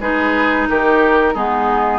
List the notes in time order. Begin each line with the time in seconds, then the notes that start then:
0.00 G#3 D#4 G#4 B4
0.69 D#3 G4 A#4
1.33 G#3 B3 D#4 G#4